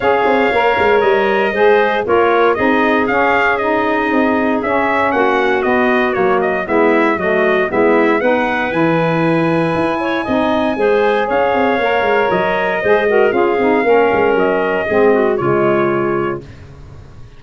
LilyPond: <<
  \new Staff \with { instrumentName = "trumpet" } { \time 4/4 \tempo 4 = 117 f''2 dis''2 | cis''4 dis''4 f''4 dis''4~ | dis''4 e''4 fis''4 dis''4 | cis''8 dis''8 e''4 dis''4 e''4 |
fis''4 gis''2.~ | gis''2 f''2 | dis''2 f''2 | dis''2 cis''2 | }
  \new Staff \with { instrumentName = "clarinet" } { \time 4/4 cis''2. c''4 | ais'4 gis'2.~ | gis'2 fis'2~ | fis'4 e'4 fis'4 e'4 |
b'2.~ b'8 cis''8 | dis''4 c''4 cis''2~ | cis''4 c''8 ais'8 gis'4 ais'4~ | ais'4 gis'8 fis'8 f'2 | }
  \new Staff \with { instrumentName = "saxophone" } { \time 4/4 gis'4 ais'2 gis'4 | f'4 dis'4 cis'4 dis'4~ | dis'4 cis'2 b4 | ais4 b4 a4 b4 |
dis'4 e'2. | dis'4 gis'2 ais'4~ | ais'4 gis'8 fis'8 f'8 dis'8 cis'4~ | cis'4 c'4 gis2 | }
  \new Staff \with { instrumentName = "tuba" } { \time 4/4 cis'8 c'8 ais8 gis8 g4 gis4 | ais4 c'4 cis'2 | c'4 cis'4 ais4 b4 | fis4 gis4 fis4 gis4 |
b4 e2 e'4 | c'4 gis4 cis'8 c'8 ais8 gis8 | fis4 gis4 cis'8 c'8 ais8 gis8 | fis4 gis4 cis2 | }
>>